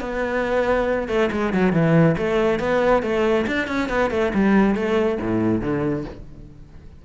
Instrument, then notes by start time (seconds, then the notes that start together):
cello
0.00 B3
1.08 A3
1.31 G#3
1.53 F#3
1.73 E3
2.17 A3
2.59 B3
3.02 A3
3.47 D4
3.67 C#4
3.89 B3
4.10 A3
4.34 G3
4.75 A3
5.21 A2
5.61 D3